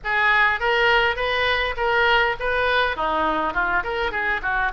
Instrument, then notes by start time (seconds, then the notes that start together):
oboe
0.03 G#4
0.59 A#4
1.16 B4
1.76 A#4
2.39 B4
2.96 D#4
3.53 F4
3.83 A#4
4.11 G#4
4.42 F#4